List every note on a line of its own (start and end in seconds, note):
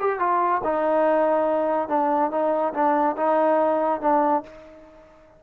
0.00 0.19 G4
0.19 0.62 F4
0.64 1.88 D#4
1.88 2.31 D4
2.31 2.73 D#4
2.74 3.16 D4
3.17 4.01 D#4
4.01 4.43 D4